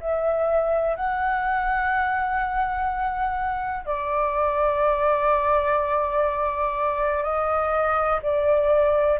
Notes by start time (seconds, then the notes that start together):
0.00 E5
0.96 F#5
3.86 D5
7.23 D#5
8.23 D5